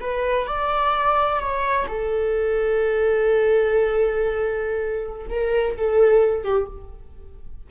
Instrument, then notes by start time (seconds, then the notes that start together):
viola
0.00 B4
0.46 D5
1.39 C#5
1.87 A4
5.29 A#4
5.77 A4
6.43 G4